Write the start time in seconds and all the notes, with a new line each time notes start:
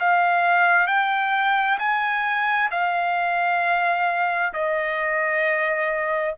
0.00 F5
0.87 G5
1.79 G#5
2.71 F5
4.53 D#5